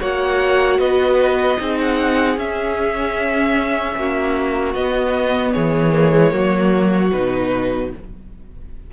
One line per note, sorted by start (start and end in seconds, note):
0.00 0.79 A#3
0.00 1.57 F#4
0.00 0.80 C#5
0.00 0.79 F#5
0.79 1.58 B3
0.79 1.59 B4
0.79 1.78 D#5
1.57 2.37 C4
1.57 2.36 D#4
1.57 3.98 G#4
1.80 2.39 F#5
2.37 3.95 C#4
2.37 4.75 C#4
2.37 4.74 E5
3.96 4.74 A#3
3.96 5.53 F#4
4.74 5.53 B3
4.74 5.92 B3
4.74 5.52 D#5
5.52 6.33 E3
5.52 6.32 G#4
5.52 7.10 C#5
5.92 6.11 A#3
6.11 6.31 G#3
6.31 7.12 F#3
6.31 7.10 A#3
6.31 7.90 F#4
7.12 7.93 B2
7.12 7.93 D#4
7.12 7.90 B4